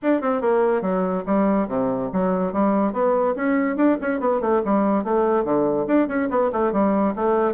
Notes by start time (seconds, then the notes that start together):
0.02 D4
0.21 C4
0.41 A#3
0.81 F#3
1.26 G3
1.67 C3
2.12 F#3
2.53 G3
2.92 B3
3.35 C#4
3.76 D4
4.01 C#4
4.20 B3
4.41 A3
4.64 G3
5.04 A3
5.44 D3
5.87 D4
6.08 C#4
6.30 B3
6.52 A3
6.72 G3
7.15 A3